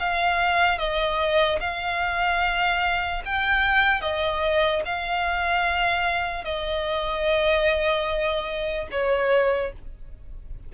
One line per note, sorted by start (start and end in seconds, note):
0.00 0.79 F5
0.79 1.60 D#5
1.60 3.22 F5
3.25 4.01 G5
4.01 4.82 D#5
4.85 6.45 F5
6.45 8.88 D#5
8.92 9.73 C#5